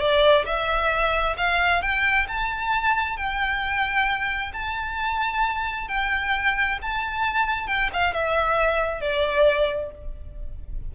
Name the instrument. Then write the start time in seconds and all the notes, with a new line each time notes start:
violin
0.00 D5
0.46 E5
1.37 F5
1.82 G5
2.28 A5
3.17 G5
4.53 A5
5.88 G5
6.82 A5
7.67 G5
7.93 F5
8.13 E5
9.01 D5